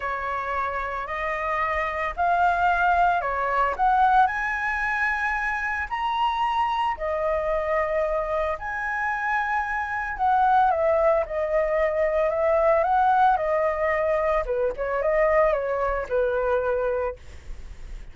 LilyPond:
\new Staff \with { instrumentName = "flute" } { \time 4/4 \tempo 4 = 112 cis''2 dis''2 | f''2 cis''4 fis''4 | gis''2. ais''4~ | ais''4 dis''2. |
gis''2. fis''4 | e''4 dis''2 e''4 | fis''4 dis''2 b'8 cis''8 | dis''4 cis''4 b'2 | }